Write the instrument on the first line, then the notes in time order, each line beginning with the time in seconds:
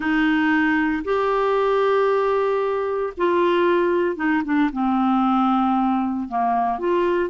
clarinet
0.00 D#4
1.04 G4
3.17 F4
4.16 D#4
4.44 D4
4.72 C4
6.28 A#3
6.78 F4